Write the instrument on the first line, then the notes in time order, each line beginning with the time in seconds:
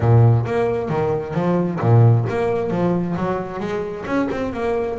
double bass
0.00 A#2
0.45 A#3
0.89 D#3
1.34 F3
1.80 A#2
2.29 A#3
2.70 F3
3.16 F#3
3.59 G#3
4.05 C#4
4.31 C4
4.53 A#3